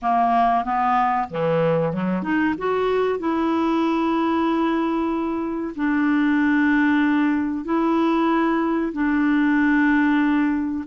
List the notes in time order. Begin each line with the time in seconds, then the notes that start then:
0.02 A#3
0.64 B3
1.29 E3
1.92 F#3
2.22 D#4
2.58 F#4
3.19 E4
5.75 D4
7.65 E4
8.92 D4